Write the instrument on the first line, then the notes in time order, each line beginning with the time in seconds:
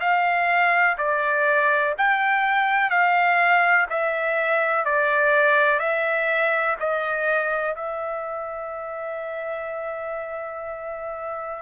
trumpet
0.00 F5
0.97 D5
1.98 G5
2.90 F5
3.89 E5
4.85 D5
5.79 E5
6.80 D#5
7.75 E5